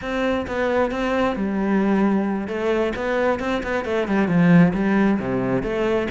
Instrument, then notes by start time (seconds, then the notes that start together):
cello
0.01 C4
0.47 B3
0.91 C4
1.35 G3
2.47 A3
2.95 B3
3.39 C4
3.63 B3
3.84 A3
4.07 G3
4.28 F3
4.73 G3
5.19 C3
5.62 A3